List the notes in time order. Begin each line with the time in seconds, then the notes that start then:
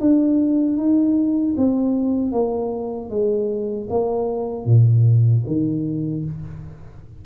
0.00 D4
0.77 D#4
1.57 C4
2.32 A#3
3.10 G#3
3.90 A#3
4.66 A#2
5.47 D#3